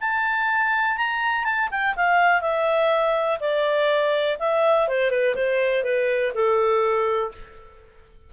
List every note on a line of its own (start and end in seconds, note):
0.00 0.97 A5
0.97 1.44 A#5
1.44 1.69 A5
1.71 1.95 G5
1.96 2.41 F5
2.41 3.38 E5
3.40 4.37 D5
4.39 4.88 E5
4.88 5.10 C5
5.10 5.34 B4
5.35 5.83 C5
5.83 6.32 B4
6.34 7.31 A4